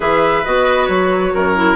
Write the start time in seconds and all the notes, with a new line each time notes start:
0.00 E3 G#4 B4 E5
0.44 B3 F#4 D#5
0.85 F#3 C#5
1.34 F#2 A#4
1.55 E4